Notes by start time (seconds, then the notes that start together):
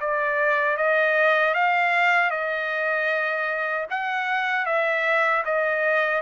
0.00 D5
0.77 D#5
1.54 F5
2.30 D#5
3.90 F#5
4.66 E5
5.44 D#5